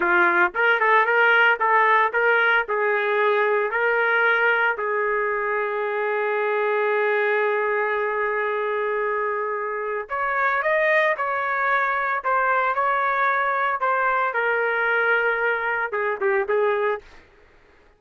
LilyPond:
\new Staff \with { instrumentName = "trumpet" } { \time 4/4 \tempo 4 = 113 f'4 ais'8 a'8 ais'4 a'4 | ais'4 gis'2 ais'4~ | ais'4 gis'2.~ | gis'1~ |
gis'2. cis''4 | dis''4 cis''2 c''4 | cis''2 c''4 ais'4~ | ais'2 gis'8 g'8 gis'4 | }